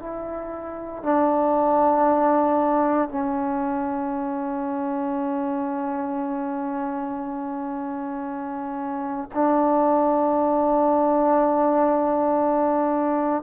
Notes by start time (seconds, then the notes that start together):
0.00 E4
1.03 D4
3.09 C#4
9.34 D4